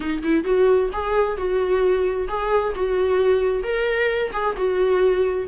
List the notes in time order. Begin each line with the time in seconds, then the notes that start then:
0.00 D#4
0.23 E4
0.44 F#4
0.92 G#4
1.37 F#4
2.27 G#4
2.75 F#4
3.63 A#4
4.32 G#4
4.56 F#4